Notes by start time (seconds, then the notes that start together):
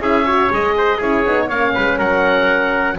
0.00 C#4 E4 G#4 E5
0.26 F#4 C#5
0.51 G#3 G#4 D#5
0.78 C5
0.98 C#4 E4 G#4 C#5
1.26 B3 D#4
1.48 A#3 C#4 C#5 F5
1.74 G#3 B4
1.98 F#3 A#4 F#5